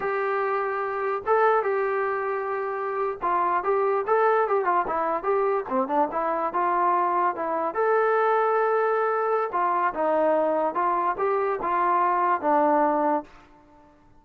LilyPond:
\new Staff \with { instrumentName = "trombone" } { \time 4/4 \tempo 4 = 145 g'2. a'4 | g'2.~ g'8. f'16~ | f'8. g'4 a'4 g'8 f'8 e'16~ | e'8. g'4 c'8 d'8 e'4 f'16~ |
f'4.~ f'16 e'4 a'4~ a'16~ | a'2. f'4 | dis'2 f'4 g'4 | f'2 d'2 | }